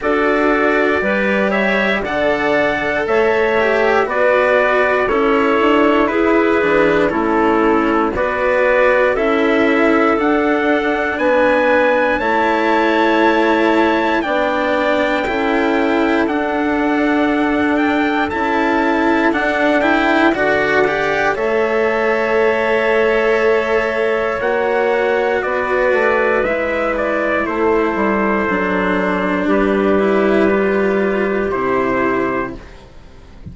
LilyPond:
<<
  \new Staff \with { instrumentName = "trumpet" } { \time 4/4 \tempo 4 = 59 d''4. e''8 fis''4 e''4 | d''4 cis''4 b'4 a'4 | d''4 e''4 fis''4 gis''4 | a''2 g''2 |
fis''4. g''8 a''4 fis''8 g''8 | fis''4 e''2. | fis''4 d''4 e''8 d''8 c''4~ | c''4 b'2 c''4 | }
  \new Staff \with { instrumentName = "clarinet" } { \time 4/4 a'4 b'8 cis''8 d''4 cis''4 | b'4 a'4 gis'4 e'4 | b'4 a'2 b'4 | cis''2 d''4 a'4~ |
a'1 | d''4 cis''2.~ | cis''4 b'2 a'4~ | a'4 g'2. | }
  \new Staff \with { instrumentName = "cello" } { \time 4/4 fis'4 g'4 a'4. g'8 | fis'4 e'4. d'8 cis'4 | fis'4 e'4 d'2 | e'2 d'4 e'4 |
d'2 e'4 d'8 e'8 | fis'8 g'8 a'2. | fis'2 e'2 | d'4. e'8 f'4 e'4 | }
  \new Staff \with { instrumentName = "bassoon" } { \time 4/4 d'4 g4 d4 a4 | b4 cis'8 d'8 e'8 e8 a4 | b4 cis'4 d'4 b4 | a2 b4 cis'4 |
d'2 cis'4 d'4 | d4 a2. | ais4 b8 a8 gis4 a8 g8 | fis4 g2 c4 | }
>>